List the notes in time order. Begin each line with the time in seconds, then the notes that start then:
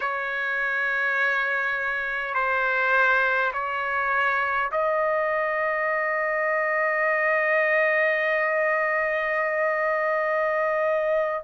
0.00 C#5
2.34 C5
3.53 C#5
4.71 D#5